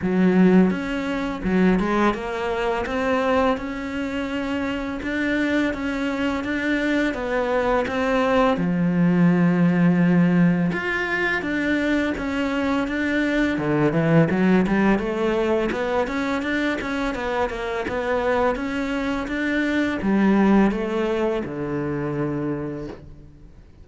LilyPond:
\new Staff \with { instrumentName = "cello" } { \time 4/4 \tempo 4 = 84 fis4 cis'4 fis8 gis8 ais4 | c'4 cis'2 d'4 | cis'4 d'4 b4 c'4 | f2. f'4 |
d'4 cis'4 d'4 d8 e8 | fis8 g8 a4 b8 cis'8 d'8 cis'8 | b8 ais8 b4 cis'4 d'4 | g4 a4 d2 | }